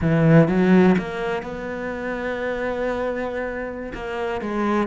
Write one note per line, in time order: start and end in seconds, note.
0.01 0.48 E3
0.48 0.95 F#3
0.98 1.42 A#3
1.42 3.92 B3
3.94 4.41 A#3
4.41 4.87 G#3